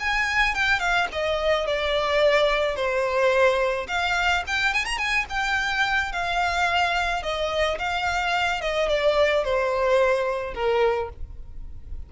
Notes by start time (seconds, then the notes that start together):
0.00 G#5
0.55 G5
0.80 F5
1.13 D#5
1.67 D5
2.76 C5
3.88 F5
4.47 G5
4.74 G#5
4.86 A#5
4.98 G#5
5.30 G5
6.13 F5
7.23 D#5
7.79 F5
8.61 D#5
8.89 D5
9.45 C5
10.55 A#4